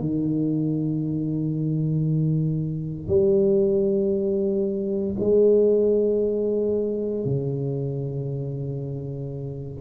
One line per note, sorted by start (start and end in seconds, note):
0.00 3.08 D#3
3.08 5.15 G3
5.20 7.26 G#3
7.26 9.81 C#3